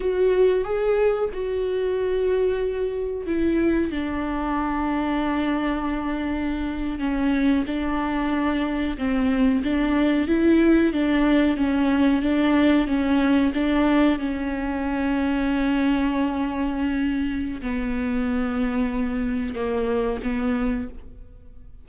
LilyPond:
\new Staff \with { instrumentName = "viola" } { \time 4/4 \tempo 4 = 92 fis'4 gis'4 fis'2~ | fis'4 e'4 d'2~ | d'2~ d'8. cis'4 d'16~ | d'4.~ d'16 c'4 d'4 e'16~ |
e'8. d'4 cis'4 d'4 cis'16~ | cis'8. d'4 cis'2~ cis'16~ | cis'2. b4~ | b2 ais4 b4 | }